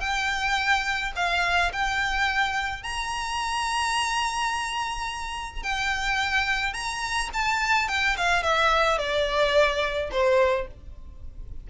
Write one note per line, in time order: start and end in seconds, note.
0.00 1.12 G5
1.16 1.72 F5
1.72 2.83 G5
2.83 5.63 A#5
5.63 6.73 G5
6.73 7.29 A#5
7.33 7.88 A5
7.88 8.16 G5
8.17 8.43 F5
8.43 8.98 E5
8.98 10.10 D5
10.11 10.67 C5